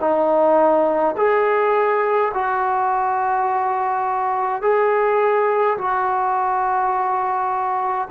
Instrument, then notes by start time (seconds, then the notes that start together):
trombone
0.00 D#4
1.16 G#4
2.34 F#4
4.62 G#4
5.77 F#4